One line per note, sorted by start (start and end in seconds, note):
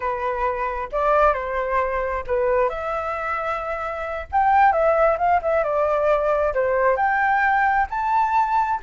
0.00 0.89 B4
0.91 1.33 D5
1.33 2.24 C5
2.26 2.69 B4
2.69 4.27 E5
4.31 4.72 G5
4.72 5.17 E5
5.18 5.40 F5
5.42 5.63 E5
5.63 6.53 D5
6.54 6.96 C5
6.96 7.86 G5
7.89 8.80 A5